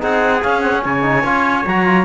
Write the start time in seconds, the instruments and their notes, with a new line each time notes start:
0.00 cello C4, trombone D#4, trumpet G#4, clarinet F#5
0.43 trombone C#4, cello C#4, clarinet F5
0.61 trombone C4, clarinet F#5
0.75 trombone C#4
0.84 cello C#3, trumpet C#5, clarinet G#5
1.02 trombone D#4
1.24 cello C#4, trombone F4
1.67 cello F#3, trombone F#4, clarinet A#5
1.86 trombone F4